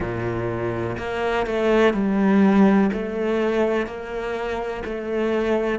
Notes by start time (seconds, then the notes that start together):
0.00 A#2
0.98 A#3
1.46 A3
1.94 G3
2.93 A3
3.86 A#3
4.84 A3